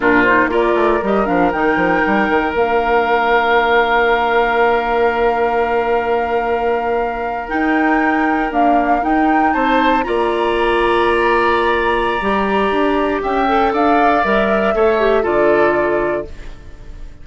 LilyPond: <<
  \new Staff \with { instrumentName = "flute" } { \time 4/4 \tempo 4 = 118 ais'8 c''8 d''4 dis''8 f''8 g''4~ | g''4 f''2.~ | f''1~ | f''2~ f''8. g''4~ g''16~ |
g''8. f''4 g''4 a''4 ais''16~ | ais''1~ | ais''2 g''4 f''4 | e''2 d''2 | }
  \new Staff \with { instrumentName = "oboe" } { \time 4/4 f'4 ais'2.~ | ais'1~ | ais'1~ | ais'1~ |
ais'2~ ais'8. c''4 d''16~ | d''1~ | d''2 e''4 d''4~ | d''4 cis''4 a'2 | }
  \new Staff \with { instrumentName = "clarinet" } { \time 4/4 d'8 dis'8 f'4 g'8 d'8 dis'4~ | dis'4 d'2.~ | d'1~ | d'2~ d'8. dis'4~ dis'16~ |
dis'8. ais4 dis'2 f'16~ | f'1 | g'2~ g'8 a'4. | ais'4 a'8 g'8 f'2 | }
  \new Staff \with { instrumentName = "bassoon" } { \time 4/4 ais,4 ais8 a8 g8 f8 dis8 f8 | g8 dis8 ais2.~ | ais1~ | ais2~ ais8. dis'4~ dis'16~ |
dis'8. d'4 dis'4 c'4 ais16~ | ais1 | g4 d'4 cis'4 d'4 | g4 a4 d2 | }
>>